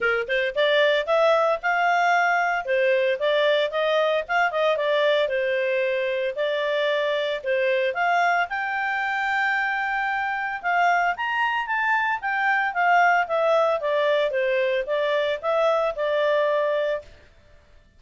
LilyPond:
\new Staff \with { instrumentName = "clarinet" } { \time 4/4 \tempo 4 = 113 ais'8 c''8 d''4 e''4 f''4~ | f''4 c''4 d''4 dis''4 | f''8 dis''8 d''4 c''2 | d''2 c''4 f''4 |
g''1 | f''4 ais''4 a''4 g''4 | f''4 e''4 d''4 c''4 | d''4 e''4 d''2 | }